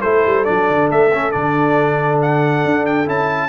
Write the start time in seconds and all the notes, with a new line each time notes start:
0.00 A3 E4 A4 C5
0.25 G3
0.44 F#3 D4 D5
0.69 D3
0.90 A3 E5
1.13 C#4
1.31 D3 D4 D5
2.22 F#5
2.64 D4
2.86 G5
3.06 C#4 E4 A5